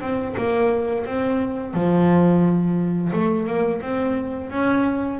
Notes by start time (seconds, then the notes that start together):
0.00 C4
0.36 A#3
1.05 C4
1.73 F3
3.12 A3
3.47 A#3
3.81 C4
4.50 C#4